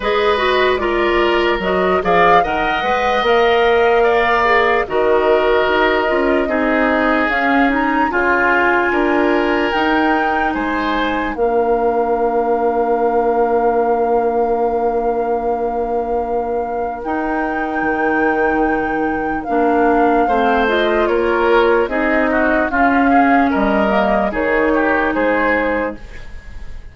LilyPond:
<<
  \new Staff \with { instrumentName = "flute" } { \time 4/4 \tempo 4 = 74 dis''4 d''4 dis''8 f''8 fis''4 | f''2 dis''2~ | dis''4 f''8 ais''8 gis''2 | g''4 gis''4 f''2~ |
f''1~ | f''4 g''2. | f''4. dis''8 cis''4 dis''4 | f''4 dis''4 cis''4 c''4 | }
  \new Staff \with { instrumentName = "oboe" } { \time 4/4 b'4 ais'4. d''8 dis''4~ | dis''4 d''4 ais'2 | gis'2 f'4 ais'4~ | ais'4 c''4 ais'2~ |
ais'1~ | ais'1~ | ais'4 c''4 ais'4 gis'8 fis'8 | f'8 gis'8 ais'4 gis'8 g'8 gis'4 | }
  \new Staff \with { instrumentName = "clarinet" } { \time 4/4 gis'8 fis'8 f'4 fis'8 gis'8 ais'8 b'8 | ais'4. gis'8 fis'4. f'8 | dis'4 cis'8 dis'8 f'2 | dis'2 d'2~ |
d'1~ | d'4 dis'2. | d'4 c'8 f'4. dis'4 | cis'4. ais8 dis'2 | }
  \new Staff \with { instrumentName = "bassoon" } { \time 4/4 gis2 fis8 f8 dis8 gis8 | ais2 dis4 dis'8 cis'8 | c'4 cis'4 cis4 d'4 | dis'4 gis4 ais2~ |
ais1~ | ais4 dis'4 dis2 | ais4 a4 ais4 c'4 | cis'4 g4 dis4 gis4 | }
>>